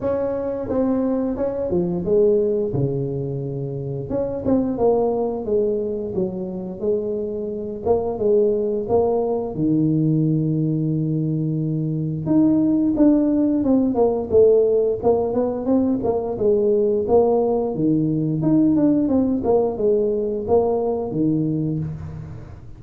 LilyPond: \new Staff \with { instrumentName = "tuba" } { \time 4/4 \tempo 4 = 88 cis'4 c'4 cis'8 f8 gis4 | cis2 cis'8 c'8 ais4 | gis4 fis4 gis4. ais8 | gis4 ais4 dis2~ |
dis2 dis'4 d'4 | c'8 ais8 a4 ais8 b8 c'8 ais8 | gis4 ais4 dis4 dis'8 d'8 | c'8 ais8 gis4 ais4 dis4 | }